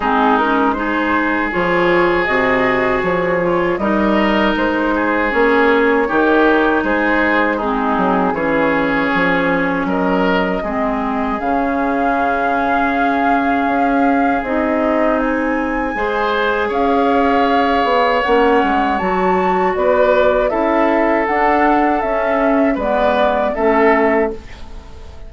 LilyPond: <<
  \new Staff \with { instrumentName = "flute" } { \time 4/4 \tempo 4 = 79 gis'8 ais'8 c''4 cis''4 dis''4 | cis''4 dis''4 c''4 cis''4~ | cis''4 c''4 gis'4 cis''4~ | cis''4 dis''2 f''4~ |
f''2. dis''4 | gis''2 f''2 | fis''4 a''4 d''4 e''4 | fis''4 e''4 d''4 e''4 | }
  \new Staff \with { instrumentName = "oboe" } { \time 4/4 dis'4 gis'2.~ | gis'4 ais'4. gis'4. | g'4 gis'4 dis'4 gis'4~ | gis'4 ais'4 gis'2~ |
gis'1~ | gis'4 c''4 cis''2~ | cis''2 b'4 a'4~ | a'2 b'4 a'4 | }
  \new Staff \with { instrumentName = "clarinet" } { \time 4/4 c'8 cis'8 dis'4 f'4 fis'4~ | fis'8 f'8 dis'2 cis'4 | dis'2 c'4 cis'4~ | cis'2 c'4 cis'4~ |
cis'2. dis'4~ | dis'4 gis'2. | cis'4 fis'2 e'4 | d'4 cis'4 b4 cis'4 | }
  \new Staff \with { instrumentName = "bassoon" } { \time 4/4 gis2 f4 c4 | f4 g4 gis4 ais4 | dis4 gis4. fis8 e4 | f4 fis4 gis4 cis4~ |
cis2 cis'4 c'4~ | c'4 gis4 cis'4. b8 | ais8 gis8 fis4 b4 cis'4 | d'4 cis'4 gis4 a4 | }
>>